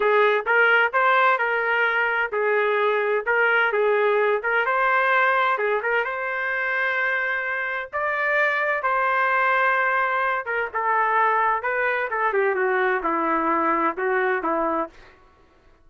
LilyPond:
\new Staff \with { instrumentName = "trumpet" } { \time 4/4 \tempo 4 = 129 gis'4 ais'4 c''4 ais'4~ | ais'4 gis'2 ais'4 | gis'4. ais'8 c''2 | gis'8 ais'8 c''2.~ |
c''4 d''2 c''4~ | c''2~ c''8 ais'8 a'4~ | a'4 b'4 a'8 g'8 fis'4 | e'2 fis'4 e'4 | }